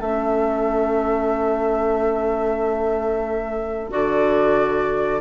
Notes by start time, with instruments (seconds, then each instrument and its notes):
0.00 bassoon A3, clarinet C#4, oboe A4, flute E5
3.90 bassoon D3, clarinet F#4, flute D5